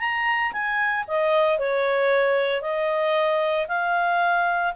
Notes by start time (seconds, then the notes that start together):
0.00 A#5
0.53 G#5
1.08 D#5
1.59 C#5
2.62 D#5
3.68 F5